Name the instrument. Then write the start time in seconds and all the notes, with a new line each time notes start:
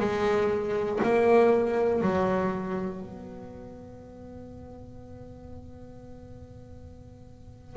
double bass
0.00 G#3
1.03 A#3
2.02 F#3
3.02 B3